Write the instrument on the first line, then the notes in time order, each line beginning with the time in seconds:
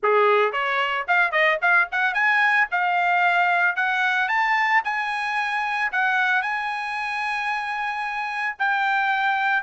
trumpet
0.02 G#4
0.52 C#5
1.07 F5
1.31 D#5
1.61 F5
1.91 F#5
2.14 G#5
2.71 F5
3.75 F#5
4.28 A5
4.84 G#5
5.91 F#5
6.42 G#5
8.59 G5